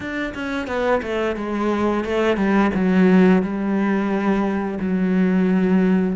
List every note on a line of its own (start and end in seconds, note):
0.00 0.33 D4
0.34 0.67 C#4
0.67 1.01 B3
1.02 1.36 A3
1.36 2.04 G#3
2.04 2.36 A3
2.36 2.71 G3
2.74 3.42 F#3
3.42 4.78 G3
4.79 6.15 F#3